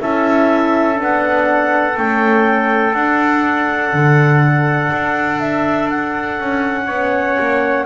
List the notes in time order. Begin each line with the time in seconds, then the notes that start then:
0.00 C#4 E4 A4 E5
0.95 B3 D4
1.03 F#5
1.97 A3 C#4 G5
2.94 D4 F#5
3.94 D3
4.93 D4
5.40 E5
5.90 F#5
6.40 C#4
6.86 B3 C#4 C#5
7.39 A#3